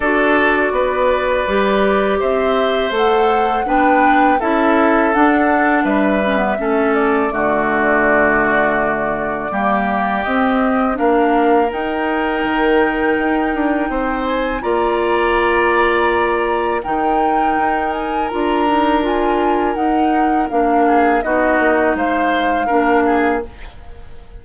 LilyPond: <<
  \new Staff \with { instrumentName = "flute" } { \time 4/4 \tempo 4 = 82 d''2. e''4 | fis''4 g''4 e''4 fis''4 | e''4. d''2~ d''8~ | d''2 dis''4 f''4 |
g''2.~ g''8 gis''8 | ais''2. g''4~ | g''8 gis''8 ais''4 gis''4 fis''4 | f''4 dis''4 f''2 | }
  \new Staff \with { instrumentName = "oboe" } { \time 4/4 a'4 b'2 c''4~ | c''4 b'4 a'2 | b'4 a'4 fis'2~ | fis'4 g'2 ais'4~ |
ais'2. c''4 | d''2. ais'4~ | ais'1~ | ais'8 gis'8 fis'4 c''4 ais'8 gis'8 | }
  \new Staff \with { instrumentName = "clarinet" } { \time 4/4 fis'2 g'2 | a'4 d'4 e'4 d'4~ | d'8 cis'16 b16 cis'4 a2~ | a4 ais4 c'4 d'4 |
dis'1 | f'2. dis'4~ | dis'4 f'8 dis'8 f'4 dis'4 | d'4 dis'2 d'4 | }
  \new Staff \with { instrumentName = "bassoon" } { \time 4/4 d'4 b4 g4 c'4 | a4 b4 cis'4 d'4 | g4 a4 d2~ | d4 g4 c'4 ais4 |
dis'4 dis4 dis'8 d'8 c'4 | ais2. dis4 | dis'4 d'2 dis'4 | ais4 b8 ais8 gis4 ais4 | }
>>